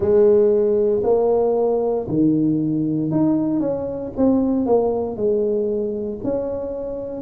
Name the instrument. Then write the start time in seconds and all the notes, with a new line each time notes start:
tuba
0.00 G#3
1.03 A#3
2.08 D#3
3.11 D#4
3.60 C#4
4.17 C4
4.66 A#3
5.16 G#3
6.23 C#4